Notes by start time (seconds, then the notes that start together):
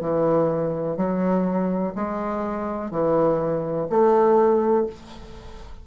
0.00 E3
0.96 F#3
1.95 G#3
2.90 E3
3.89 A3